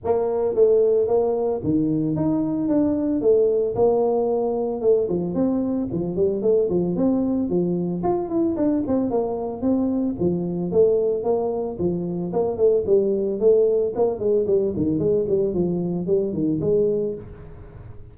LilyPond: \new Staff \with { instrumentName = "tuba" } { \time 4/4 \tempo 4 = 112 ais4 a4 ais4 dis4 | dis'4 d'4 a4 ais4~ | ais4 a8 f8 c'4 f8 g8 | a8 f8 c'4 f4 f'8 e'8 |
d'8 c'8 ais4 c'4 f4 | a4 ais4 f4 ais8 a8 | g4 a4 ais8 gis8 g8 dis8 | gis8 g8 f4 g8 dis8 gis4 | }